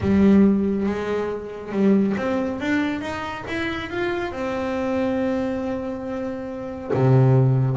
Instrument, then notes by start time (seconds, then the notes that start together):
double bass
0.00 G3
0.86 G#3
1.72 G3
2.17 C4
2.60 D4
3.01 D#4
3.47 E4
3.90 F4
4.32 C4
6.93 C3